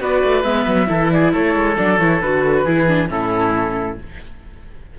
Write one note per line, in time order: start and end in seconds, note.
0.00 0.22 B3
0.00 0.43 F#4
0.00 0.89 B4
0.00 0.43 D5
0.24 0.44 A3
0.43 0.66 G#3
0.43 0.86 B3
0.43 1.09 E5
0.66 0.88 F#3
0.86 1.34 E3
0.86 1.75 E4
0.86 1.11 A4
1.10 1.32 G#4
1.10 1.33 D5
1.32 1.55 A3
1.32 2.64 A4
1.32 1.78 C#5
1.55 1.77 G#3
1.76 1.99 F#3
1.76 1.98 D4
1.76 1.99 D5
1.99 2.21 E3
1.99 2.23 E4
1.99 2.21 C#5
2.21 2.64 D3
2.21 2.66 F#4
2.21 3.09 B4
2.64 3.08 E3
2.64 2.87 E4
2.64 3.08 G#4
2.87 3.08 D4
3.08 3.98 A2
3.08 3.96 C#4
3.08 3.98 E4
3.08 3.99 A4